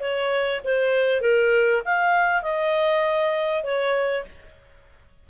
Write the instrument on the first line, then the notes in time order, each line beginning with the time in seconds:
clarinet
0.00 C#5
0.64 C5
1.21 A#4
1.85 F5
2.42 D#5
3.63 C#5